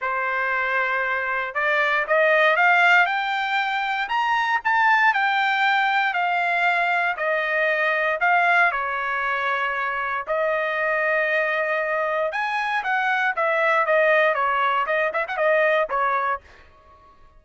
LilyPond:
\new Staff \with { instrumentName = "trumpet" } { \time 4/4 \tempo 4 = 117 c''2. d''4 | dis''4 f''4 g''2 | ais''4 a''4 g''2 | f''2 dis''2 |
f''4 cis''2. | dis''1 | gis''4 fis''4 e''4 dis''4 | cis''4 dis''8 e''16 fis''16 dis''4 cis''4 | }